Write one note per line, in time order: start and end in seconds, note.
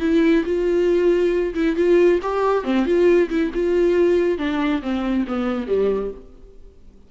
0.00 0.43 E4
0.45 1.54 F4
1.55 1.76 E4
1.76 2.20 F4
2.23 2.64 G4
2.64 2.86 C4
2.86 3.29 F4
3.29 3.51 E4
3.54 4.38 F4
4.38 4.81 D4
4.82 5.25 C4
5.27 5.67 B3
5.67 6.11 G3